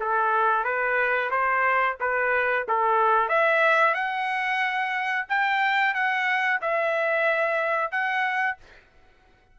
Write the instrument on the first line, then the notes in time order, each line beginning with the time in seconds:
trumpet
0.00 A4
0.64 B4
1.31 C5
2.00 B4
2.69 A4
3.29 E5
3.94 F#5
5.29 G5
5.94 F#5
6.61 E5
7.92 F#5